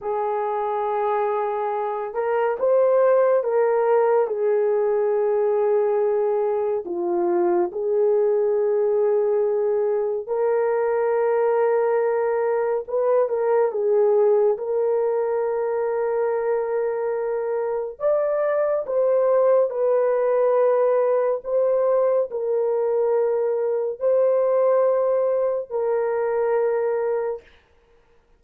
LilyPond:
\new Staff \with { instrumentName = "horn" } { \time 4/4 \tempo 4 = 70 gis'2~ gis'8 ais'8 c''4 | ais'4 gis'2. | f'4 gis'2. | ais'2. b'8 ais'8 |
gis'4 ais'2.~ | ais'4 d''4 c''4 b'4~ | b'4 c''4 ais'2 | c''2 ais'2 | }